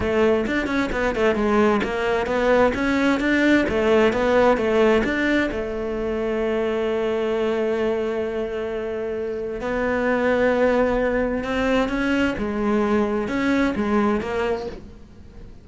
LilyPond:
\new Staff \with { instrumentName = "cello" } { \time 4/4 \tempo 4 = 131 a4 d'8 cis'8 b8 a8 gis4 | ais4 b4 cis'4 d'4 | a4 b4 a4 d'4 | a1~ |
a1~ | a4 b2.~ | b4 c'4 cis'4 gis4~ | gis4 cis'4 gis4 ais4 | }